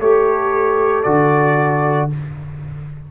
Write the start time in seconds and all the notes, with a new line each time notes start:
0.00 A3 G4 A4 C#5
1.04 D3 F#4 D5